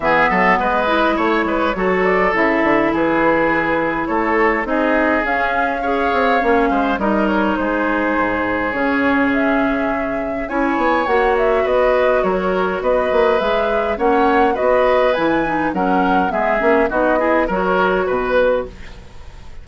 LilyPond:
<<
  \new Staff \with { instrumentName = "flute" } { \time 4/4 \tempo 4 = 103 e''4 dis''4 cis''4. d''8 | e''4 b'2 cis''4 | dis''4 f''2. | dis''8 cis''8 c''2 cis''4 |
e''2 gis''4 fis''8 e''8 | dis''4 cis''4 dis''4 e''4 | fis''4 dis''4 gis''4 fis''4 | e''4 dis''4 cis''4 b'4 | }
  \new Staff \with { instrumentName = "oboe" } { \time 4/4 gis'8 a'8 b'4 cis''8 b'8 a'4~ | a'4 gis'2 a'4 | gis'2 cis''4. c''8 | ais'4 gis'2.~ |
gis'2 cis''2 | b'4 ais'4 b'2 | cis''4 b'2 ais'4 | gis'4 fis'8 gis'8 ais'4 b'4 | }
  \new Staff \with { instrumentName = "clarinet" } { \time 4/4 b4. e'4. fis'4 | e'1 | dis'4 cis'4 gis'4 cis'4 | dis'2. cis'4~ |
cis'2 e'4 fis'4~ | fis'2. gis'4 | cis'4 fis'4 e'8 dis'8 cis'4 | b8 cis'8 dis'8 e'8 fis'2 | }
  \new Staff \with { instrumentName = "bassoon" } { \time 4/4 e8 fis8 gis4 a8 gis8 fis4 | cis8 d8 e2 a4 | c'4 cis'4. c'8 ais8 gis8 | g4 gis4 gis,4 cis4~ |
cis2 cis'8 b8 ais4 | b4 fis4 b8 ais8 gis4 | ais4 b4 e4 fis4 | gis8 ais8 b4 fis4 b,4 | }
>>